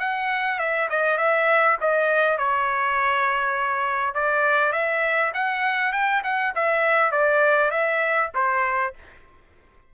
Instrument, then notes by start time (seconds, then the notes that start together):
trumpet
0.00 F#5
0.59 E5
0.90 D#5
1.18 E5
1.81 D#5
2.38 C#5
4.15 D5
4.73 E5
5.34 F#5
5.93 G5
6.24 F#5
6.56 E5
7.12 D5
7.71 E5
8.35 C5